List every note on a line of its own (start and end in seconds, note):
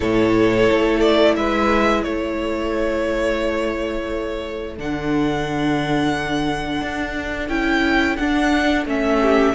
0.00 0.69 A2
0.00 4.77 E4
0.00 1.37 A4
0.00 1.00 C#5
0.71 1.37 A3
1.00 1.34 D5
1.36 2.05 G#3
1.36 2.02 B4
1.36 2.03 E5
2.02 4.78 A3
2.02 9.18 A4
2.02 4.76 C#5
4.77 6.81 D3
4.77 7.49 D4
4.77 7.48 F#5
6.81 7.48 D4
7.48 8.17 C#4
7.48 8.17 E4
7.48 8.16 G5
8.16 8.85 D4
8.16 8.87 D4
8.16 8.84 F#5
8.85 9.54 A3
8.85 9.54 C#4
8.85 9.54 E5
9.21 9.54 G4